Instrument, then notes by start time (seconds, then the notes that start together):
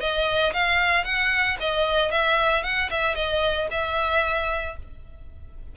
violin
0.00 D#5
0.53 F5
1.04 F#5
1.60 D#5
2.11 E5
2.63 F#5
2.90 E5
3.15 D#5
3.71 E5